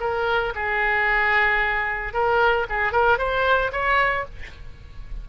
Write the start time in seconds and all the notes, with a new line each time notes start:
0.00 A#4
0.55 G#4
2.13 A#4
2.69 G#4
2.92 A#4
3.18 C5
3.72 C#5